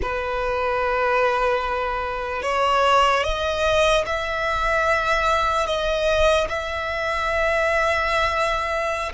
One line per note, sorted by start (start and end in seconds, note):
0.01 2.42 B4
2.42 3.23 C#5
3.23 4.04 D#5
4.05 5.66 E5
5.66 6.47 D#5
6.48 9.12 E5